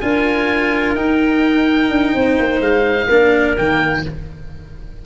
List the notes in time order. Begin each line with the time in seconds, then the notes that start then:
0.00 D4 F4 A#4 G#5
0.96 D#4 G5
1.89 D4
2.13 C4 C5
2.40 A#3
2.60 G#3 F5
3.07 A#3 D4 A#4
3.57 D#3 A#3 G5